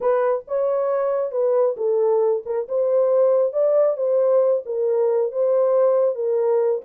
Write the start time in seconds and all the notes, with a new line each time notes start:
0.00 B4
0.47 C#5
1.31 B4
1.76 A4
2.45 A#4
2.68 C5
3.53 D5
3.96 C5
4.65 A#4
5.32 C5
6.15 A#4